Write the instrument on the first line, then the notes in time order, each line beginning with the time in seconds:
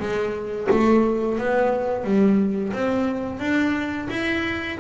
double bass
0.00 G#3
0.71 A3
1.38 B3
2.05 G3
2.73 C4
3.40 D4
4.10 E4